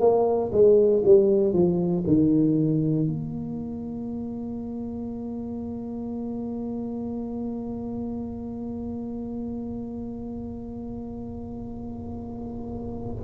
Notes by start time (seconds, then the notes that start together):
0.00 A#3
0.53 G#3
1.05 G3
1.53 F3
2.07 D#3
3.08 A#3